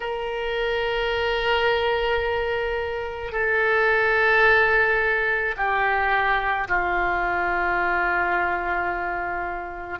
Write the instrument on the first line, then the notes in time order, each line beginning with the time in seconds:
oboe
0.00 A#4
3.32 A4
5.56 G4
6.68 F4